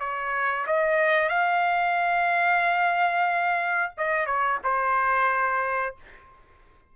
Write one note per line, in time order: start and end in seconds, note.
0.00 0.66 C#5
0.67 1.29 D#5
1.29 3.93 F5
3.98 4.26 D#5
4.26 4.59 C#5
4.64 5.96 C5